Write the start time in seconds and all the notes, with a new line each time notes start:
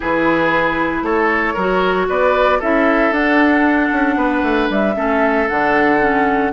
0.00 E3 E4 G#4 B4
1.02 A3 A4 C#5
1.53 F#3 F#4 A#4
2.08 B3 B4 D5
2.59 C#4 E4 A4 E5
3.11 D4 F#5
3.92 C#4
4.15 B3 B4
4.42 A3
4.69 G3 E5
4.95 A3 C#4 A4
5.48 D3 D4 F#5
6.00 C#4